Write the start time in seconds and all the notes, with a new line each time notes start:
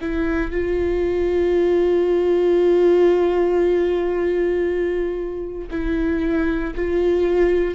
0.00 E4
0.51 F4
5.70 E4
6.75 F4